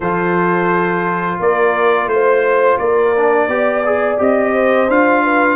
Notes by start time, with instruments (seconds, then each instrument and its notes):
0.00 tuba F3, trombone F4, horn A4, trumpet C5
1.39 tuba A#3, horn A#4, trumpet D5
2.06 tuba A3, trumpet C5
2.12 horn C5
2.78 tuba A#3, horn A#4, trumpet D5
3.16 trombone D4
3.48 tuba B3, trombone G4, horn D5
3.85 trombone G#4
4.18 tuba C4, trombone G4, trumpet D#5
4.53 horn C5
4.88 tuba D4, trombone F4, trumpet F5
5.23 horn B4